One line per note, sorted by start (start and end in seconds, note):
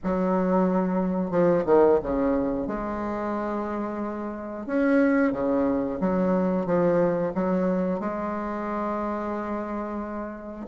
0.03 1.30 F#3
1.30 1.64 F3
1.65 1.98 D#3
2.02 2.67 C#3
2.67 4.66 G#3
4.66 5.32 C#4
5.32 5.99 C#3
6.00 6.65 F#3
6.65 7.32 F3
7.34 7.99 F#3
7.99 10.66 G#3